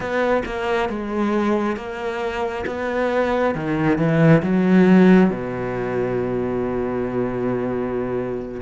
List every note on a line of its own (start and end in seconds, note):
0.00 0.42 B3
0.45 0.89 A#3
0.89 1.76 G#3
1.76 2.64 A#3
2.66 3.54 B3
3.55 3.97 D#3
3.97 4.42 E3
4.42 5.30 F#3
5.30 8.61 B2